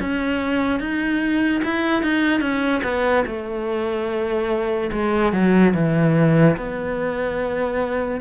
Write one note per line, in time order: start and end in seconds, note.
0.00 0.80 C#4
0.80 1.62 D#4
1.64 2.02 E4
2.02 2.40 D#4
2.40 2.81 C#4
2.83 3.24 B3
3.26 4.91 A3
4.91 5.32 G#3
5.32 5.73 F#3
5.74 6.56 E3
6.57 8.20 B3